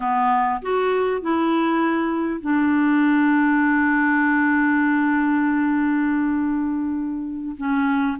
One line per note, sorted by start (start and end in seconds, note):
0.00 0.61 B3
0.62 1.21 F#4
1.21 2.40 E4
2.40 7.56 D4
7.57 8.17 C#4